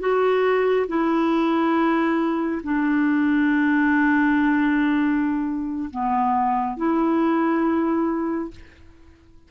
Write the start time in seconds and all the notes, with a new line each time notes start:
0.00 F#4
0.88 E4
2.64 D4
5.91 B3
6.77 E4